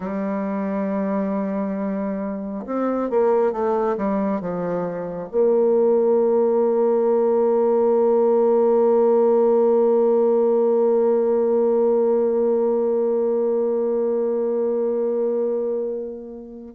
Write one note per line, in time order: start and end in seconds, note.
0.00 2.65 G3
2.66 3.10 C4
3.10 3.52 A#3
3.52 3.96 A3
3.97 4.40 G3
4.40 5.29 F3
5.31 16.75 A#3